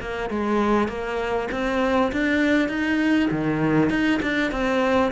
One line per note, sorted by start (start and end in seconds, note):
0.00 0.29 A#3
0.29 0.88 G#3
0.88 1.48 A#3
1.51 2.12 C4
2.12 2.68 D4
2.68 3.29 D#4
3.30 3.90 D#3
3.90 4.20 D#4
4.22 4.51 D4
4.51 5.12 C4